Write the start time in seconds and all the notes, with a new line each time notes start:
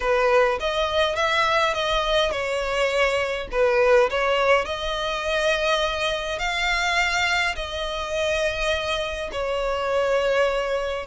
0.00 B4
0.60 D#5
1.15 E5
1.74 D#5
2.31 C#5
3.51 B4
4.10 C#5
4.65 D#5
6.38 F5
7.55 D#5
9.32 C#5